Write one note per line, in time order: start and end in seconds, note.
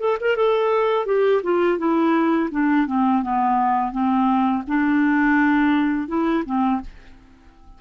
0.00 0.18 A4
0.21 0.37 A#4
0.37 1.06 A4
1.06 1.42 G4
1.43 1.79 F4
1.79 2.50 E4
2.51 2.87 D4
2.87 3.23 C4
3.23 3.92 B3
3.92 4.64 C4
4.68 6.08 D4
6.08 6.44 E4
6.46 6.81 C4